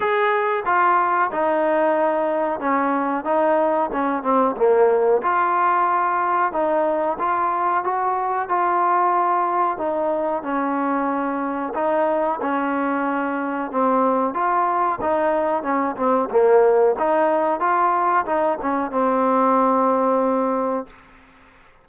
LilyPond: \new Staff \with { instrumentName = "trombone" } { \time 4/4 \tempo 4 = 92 gis'4 f'4 dis'2 | cis'4 dis'4 cis'8 c'8 ais4 | f'2 dis'4 f'4 | fis'4 f'2 dis'4 |
cis'2 dis'4 cis'4~ | cis'4 c'4 f'4 dis'4 | cis'8 c'8 ais4 dis'4 f'4 | dis'8 cis'8 c'2. | }